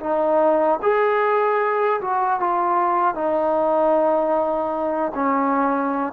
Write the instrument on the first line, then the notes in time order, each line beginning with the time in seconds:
trombone
0.00 D#4
0.82 G#4
2.01 F#4
2.39 F4
3.14 D#4
5.14 C#4